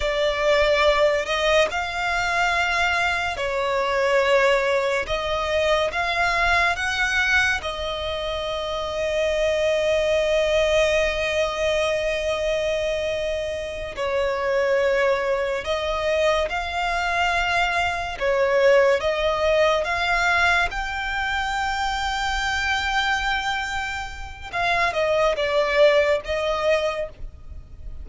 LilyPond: \new Staff \with { instrumentName = "violin" } { \time 4/4 \tempo 4 = 71 d''4. dis''8 f''2 | cis''2 dis''4 f''4 | fis''4 dis''2.~ | dis''1~ |
dis''8 cis''2 dis''4 f''8~ | f''4. cis''4 dis''4 f''8~ | f''8 g''2.~ g''8~ | g''4 f''8 dis''8 d''4 dis''4 | }